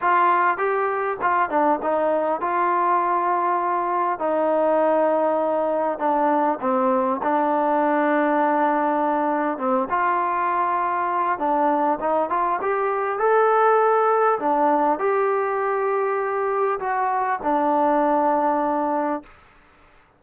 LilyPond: \new Staff \with { instrumentName = "trombone" } { \time 4/4 \tempo 4 = 100 f'4 g'4 f'8 d'8 dis'4 | f'2. dis'4~ | dis'2 d'4 c'4 | d'1 |
c'8 f'2~ f'8 d'4 | dis'8 f'8 g'4 a'2 | d'4 g'2. | fis'4 d'2. | }